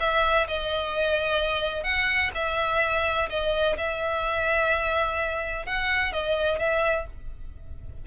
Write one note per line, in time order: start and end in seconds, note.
0.00 0.47 E5
0.48 1.84 D#5
1.84 2.31 F#5
2.35 3.29 E5
3.30 3.77 D#5
3.78 5.66 E5
5.66 6.13 F#5
6.13 6.59 D#5
6.59 7.07 E5